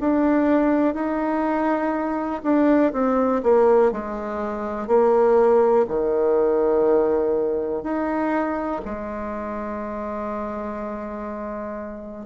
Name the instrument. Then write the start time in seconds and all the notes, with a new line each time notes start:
bassoon
0.00 D4
0.94 D#4
2.43 D4
2.93 C4
3.43 A#3
3.92 G#3
4.87 A#3
5.88 D#3
7.83 D#4
8.85 G#3